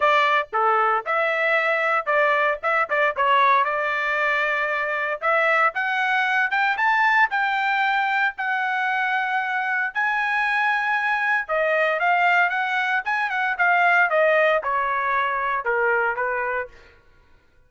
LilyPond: \new Staff \with { instrumentName = "trumpet" } { \time 4/4 \tempo 4 = 115 d''4 a'4 e''2 | d''4 e''8 d''8 cis''4 d''4~ | d''2 e''4 fis''4~ | fis''8 g''8 a''4 g''2 |
fis''2. gis''4~ | gis''2 dis''4 f''4 | fis''4 gis''8 fis''8 f''4 dis''4 | cis''2 ais'4 b'4 | }